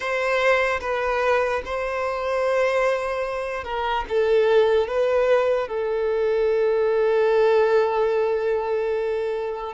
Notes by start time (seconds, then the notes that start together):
0.00 C5
0.81 B4
1.65 C5
3.64 A#4
4.08 A4
4.87 B4
5.68 A4